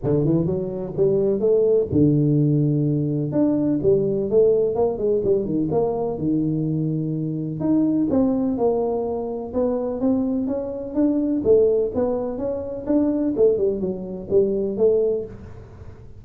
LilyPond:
\new Staff \with { instrumentName = "tuba" } { \time 4/4 \tempo 4 = 126 d8 e8 fis4 g4 a4 | d2. d'4 | g4 a4 ais8 gis8 g8 dis8 | ais4 dis2. |
dis'4 c'4 ais2 | b4 c'4 cis'4 d'4 | a4 b4 cis'4 d'4 | a8 g8 fis4 g4 a4 | }